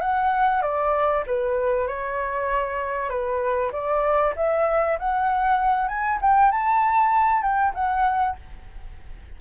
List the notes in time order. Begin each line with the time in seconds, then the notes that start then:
0.00 F#5
0.62 D5
1.27 B4
1.87 C#5
3.09 B4
3.72 D5
4.36 E5
4.99 F#5
5.88 G#5
6.21 G5
6.51 A5
7.42 G5
7.74 F#5